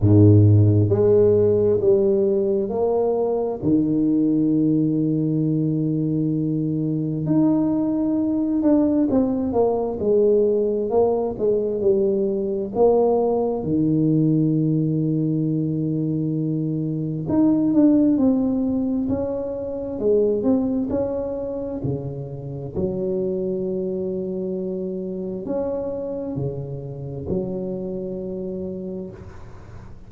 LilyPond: \new Staff \with { instrumentName = "tuba" } { \time 4/4 \tempo 4 = 66 gis,4 gis4 g4 ais4 | dis1 | dis'4. d'8 c'8 ais8 gis4 | ais8 gis8 g4 ais4 dis4~ |
dis2. dis'8 d'8 | c'4 cis'4 gis8 c'8 cis'4 | cis4 fis2. | cis'4 cis4 fis2 | }